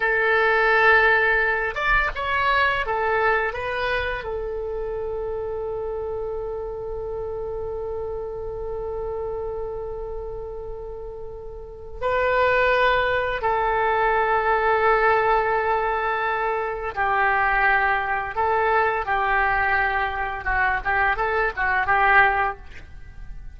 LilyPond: \new Staff \with { instrumentName = "oboe" } { \time 4/4 \tempo 4 = 85 a'2~ a'8 d''8 cis''4 | a'4 b'4 a'2~ | a'1~ | a'1~ |
a'4 b'2 a'4~ | a'1 | g'2 a'4 g'4~ | g'4 fis'8 g'8 a'8 fis'8 g'4 | }